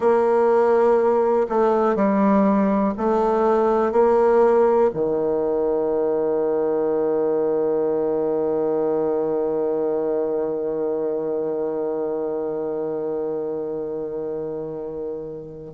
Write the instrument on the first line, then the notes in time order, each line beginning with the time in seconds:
bassoon
0.00 A#3
1.49 A3
1.95 G3
2.97 A3
3.92 A#3
4.93 D#3